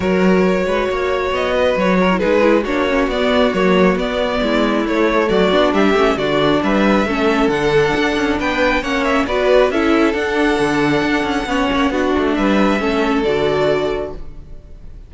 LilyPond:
<<
  \new Staff \with { instrumentName = "violin" } { \time 4/4 \tempo 4 = 136 cis''2. dis''4 | cis''4 b'4 cis''4 d''4 | cis''4 d''2 cis''4 | d''4 e''4 d''4 e''4~ |
e''4 fis''2 g''4 | fis''8 e''8 d''4 e''4 fis''4~ | fis''1 | e''2 d''2 | }
  \new Staff \with { instrumentName = "violin" } { \time 4/4 ais'4. b'8 cis''4. b'8~ | b'8 ais'8 gis'4 fis'2~ | fis'2 e'2 | fis'4 g'4 fis'4 b'4 |
a'2. b'4 | cis''4 b'4 a'2~ | a'2 cis''4 fis'4 | b'4 a'2. | }
  \new Staff \with { instrumentName = "viola" } { \time 4/4 fis'1~ | fis'8. e'16 dis'8 e'8 d'8 cis'8 b4 | ais4 b2 a4~ | a8 d'4 cis'8 d'2 |
cis'4 d'2. | cis'4 fis'4 e'4 d'4~ | d'2 cis'4 d'4~ | d'4 cis'4 fis'2 | }
  \new Staff \with { instrumentName = "cello" } { \time 4/4 fis4. gis8 ais4 b4 | fis4 gis4 ais4 b4 | fis4 b4 gis4 a4 | fis8 b8 g8 a8 d4 g4 |
a4 d4 d'8 cis'8 b4 | ais4 b4 cis'4 d'4 | d4 d'8 cis'8 b8 ais8 b8 a8 | g4 a4 d2 | }
>>